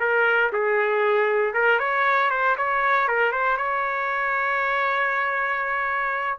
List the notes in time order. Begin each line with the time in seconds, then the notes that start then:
0.00 A#4
0.52 G#4
1.54 A#4
1.79 C#5
2.31 C5
2.57 C#5
3.08 A#4
3.32 C5
3.57 C#5